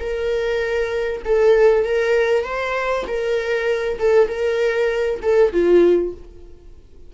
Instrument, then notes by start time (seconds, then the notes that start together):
viola
0.00 A#4
1.25 A4
1.85 A#4
2.45 C5
3.07 A#4
3.99 A4
4.29 A#4
5.23 A4
5.53 F4